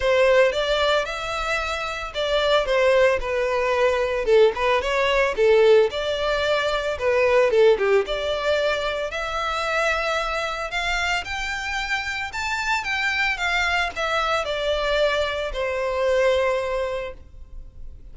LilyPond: \new Staff \with { instrumentName = "violin" } { \time 4/4 \tempo 4 = 112 c''4 d''4 e''2 | d''4 c''4 b'2 | a'8 b'8 cis''4 a'4 d''4~ | d''4 b'4 a'8 g'8 d''4~ |
d''4 e''2. | f''4 g''2 a''4 | g''4 f''4 e''4 d''4~ | d''4 c''2. | }